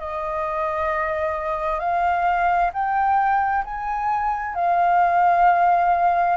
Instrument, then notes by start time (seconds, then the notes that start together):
flute
0.00 D#5
1.80 F5
2.74 G5
3.65 G#5
4.55 F5